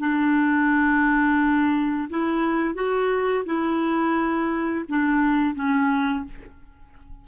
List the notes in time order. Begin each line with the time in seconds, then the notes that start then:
0.00 D4
2.10 E4
2.75 F#4
3.46 E4
4.89 D4
5.55 C#4